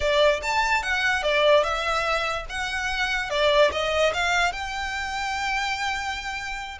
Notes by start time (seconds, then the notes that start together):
0.00 D5
0.42 A5
0.82 F#5
1.23 D5
1.63 E5
2.49 F#5
3.30 D5
3.72 D#5
4.13 F5
4.52 G5